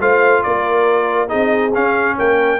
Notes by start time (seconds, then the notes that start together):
0.00 A3 F4 C5 F5
0.43 A#3 A#4 D5
1.27 C4 D#4 G#4 D#5
1.74 C#4 F5
2.17 A#3 A#4 G5